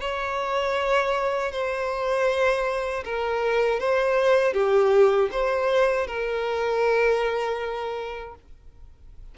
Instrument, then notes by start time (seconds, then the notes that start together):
violin
0.00 C#5
1.52 C5
3.04 A#4
3.80 C5
4.54 G4
5.32 C5
6.07 A#4